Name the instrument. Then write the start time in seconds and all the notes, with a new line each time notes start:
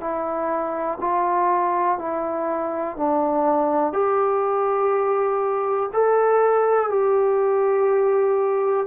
trombone
0.00 E4
1.00 F4
1.98 E4
2.96 D4
3.93 G4
5.93 A4
6.89 G4